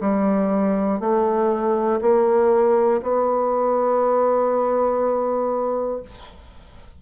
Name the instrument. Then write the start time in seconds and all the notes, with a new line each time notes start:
bassoon
0.00 G3
1.00 A3
2.00 A#3
3.01 B3